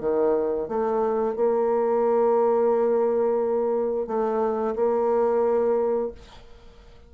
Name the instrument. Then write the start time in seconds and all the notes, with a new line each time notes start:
bassoon
0.00 D#3
0.68 A3
1.36 A#3
4.07 A3
4.75 A#3